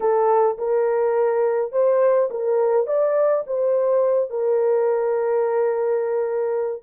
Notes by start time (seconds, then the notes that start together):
0.00 A4
0.58 A#4
1.71 C5
2.30 A#4
2.86 D5
3.46 C5
4.30 A#4